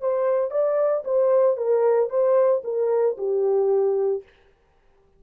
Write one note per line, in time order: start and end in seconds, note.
0.00 0.50 C5
0.50 1.03 D5
1.04 1.57 C5
1.57 2.09 A#4
2.09 2.62 C5
2.64 3.17 A#4
3.17 4.23 G4